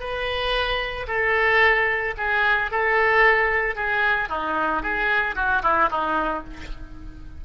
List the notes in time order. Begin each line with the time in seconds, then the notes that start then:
0.00 B4
1.08 A4
2.18 G#4
2.71 A4
3.76 G#4
4.30 D#4
4.83 G#4
5.36 F#4
5.63 E4
5.91 D#4